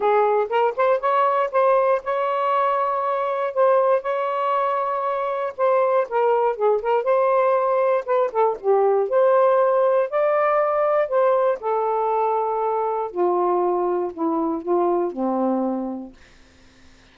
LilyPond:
\new Staff \with { instrumentName = "saxophone" } { \time 4/4 \tempo 4 = 119 gis'4 ais'8 c''8 cis''4 c''4 | cis''2. c''4 | cis''2. c''4 | ais'4 gis'8 ais'8 c''2 |
b'8 a'8 g'4 c''2 | d''2 c''4 a'4~ | a'2 f'2 | e'4 f'4 c'2 | }